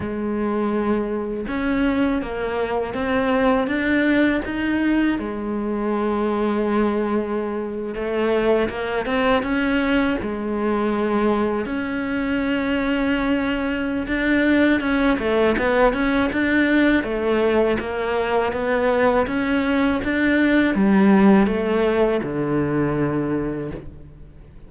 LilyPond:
\new Staff \with { instrumentName = "cello" } { \time 4/4 \tempo 4 = 81 gis2 cis'4 ais4 | c'4 d'4 dis'4 gis4~ | gis2~ gis8. a4 ais16~ | ais16 c'8 cis'4 gis2 cis'16~ |
cis'2. d'4 | cis'8 a8 b8 cis'8 d'4 a4 | ais4 b4 cis'4 d'4 | g4 a4 d2 | }